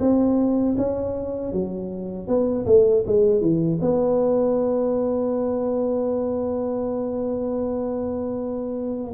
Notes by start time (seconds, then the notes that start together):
0.00 C4
0.77 C#4
1.53 F#3
2.28 B3
2.66 A3
3.07 G#3
3.41 E3
3.81 B3